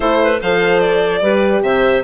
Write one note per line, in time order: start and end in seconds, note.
0.00 0.39 A3
0.00 0.40 E4
0.00 0.19 A4
0.00 0.40 C5
0.23 0.40 B4
0.40 1.21 F3
0.40 1.22 A4
0.40 1.22 C5
0.40 0.79 F5
0.79 1.61 D5
1.21 1.61 G3
1.21 2.03 G4
1.21 1.63 B4
1.61 2.02 C3
1.61 2.03 C5
1.61 2.03 E5